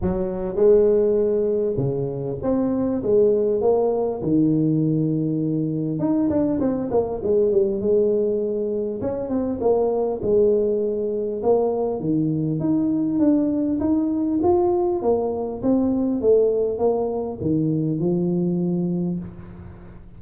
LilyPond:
\new Staff \with { instrumentName = "tuba" } { \time 4/4 \tempo 4 = 100 fis4 gis2 cis4 | c'4 gis4 ais4 dis4~ | dis2 dis'8 d'8 c'8 ais8 | gis8 g8 gis2 cis'8 c'8 |
ais4 gis2 ais4 | dis4 dis'4 d'4 dis'4 | f'4 ais4 c'4 a4 | ais4 dis4 f2 | }